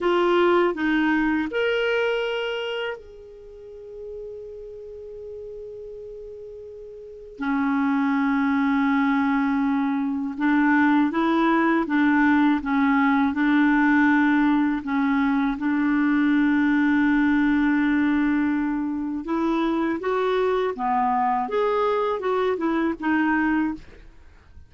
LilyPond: \new Staff \with { instrumentName = "clarinet" } { \time 4/4 \tempo 4 = 81 f'4 dis'4 ais'2 | gis'1~ | gis'2 cis'2~ | cis'2 d'4 e'4 |
d'4 cis'4 d'2 | cis'4 d'2.~ | d'2 e'4 fis'4 | b4 gis'4 fis'8 e'8 dis'4 | }